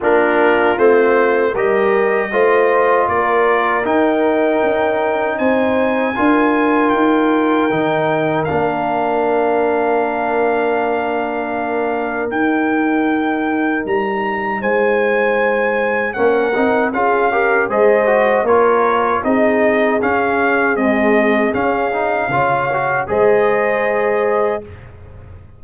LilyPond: <<
  \new Staff \with { instrumentName = "trumpet" } { \time 4/4 \tempo 4 = 78 ais'4 c''4 dis''2 | d''4 g''2 gis''4~ | gis''4 g''2 f''4~ | f''1 |
g''2 ais''4 gis''4~ | gis''4 fis''4 f''4 dis''4 | cis''4 dis''4 f''4 dis''4 | f''2 dis''2 | }
  \new Staff \with { instrumentName = "horn" } { \time 4/4 f'2 ais'4 c''4 | ais'2. c''4 | ais'1~ | ais'1~ |
ais'2. c''4~ | c''4 ais'4 gis'8 ais'8 c''4 | ais'4 gis'2.~ | gis'4 cis''4 c''2 | }
  \new Staff \with { instrumentName = "trombone" } { \time 4/4 d'4 c'4 g'4 f'4~ | f'4 dis'2. | f'2 dis'4 d'4~ | d'1 |
dis'1~ | dis'4 cis'8 dis'8 f'8 g'8 gis'8 fis'8 | f'4 dis'4 cis'4 gis4 | cis'8 dis'8 f'8 fis'8 gis'2 | }
  \new Staff \with { instrumentName = "tuba" } { \time 4/4 ais4 a4 g4 a4 | ais4 dis'4 cis'4 c'4 | d'4 dis'4 dis4 ais4~ | ais1 |
dis'2 g4 gis4~ | gis4 ais8 c'8 cis'4 gis4 | ais4 c'4 cis'4 c'4 | cis'4 cis4 gis2 | }
>>